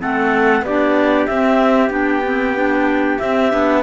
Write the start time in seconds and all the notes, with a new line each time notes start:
0.00 A3 C4 A4 F#5
0.62 B3 D4 G4 D5
1.27 C4 E5
1.90 B3 D4 G5
2.25 C4
2.57 D4
3.19 C4 E5
3.51 B3 D4